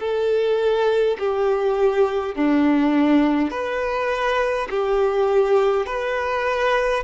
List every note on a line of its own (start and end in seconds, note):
0.00 1.18 A4
1.19 2.35 G4
2.35 3.50 D4
3.50 4.68 B4
4.71 5.86 G4
5.86 7.04 B4